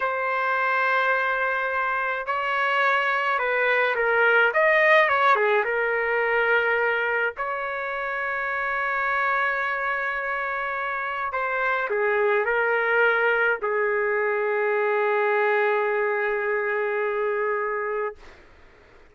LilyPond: \new Staff \with { instrumentName = "trumpet" } { \time 4/4 \tempo 4 = 106 c''1 | cis''2 b'4 ais'4 | dis''4 cis''8 gis'8 ais'2~ | ais'4 cis''2.~ |
cis''1 | c''4 gis'4 ais'2 | gis'1~ | gis'1 | }